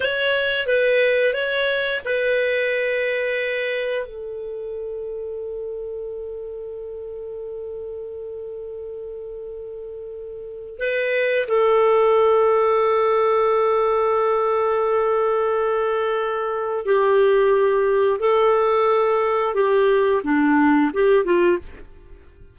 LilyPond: \new Staff \with { instrumentName = "clarinet" } { \time 4/4 \tempo 4 = 89 cis''4 b'4 cis''4 b'4~ | b'2 a'2~ | a'1~ | a'1 |
b'4 a'2.~ | a'1~ | a'4 g'2 a'4~ | a'4 g'4 d'4 g'8 f'8 | }